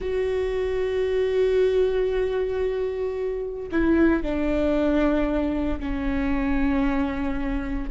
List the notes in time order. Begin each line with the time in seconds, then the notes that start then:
0.00 F#4
3.71 E4
4.22 D4
5.79 C#4